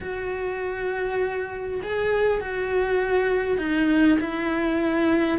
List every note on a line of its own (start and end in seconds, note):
0.00 1.80 F#4
1.82 2.40 G#4
2.40 3.58 F#4
3.58 4.18 D#4
4.19 5.38 E4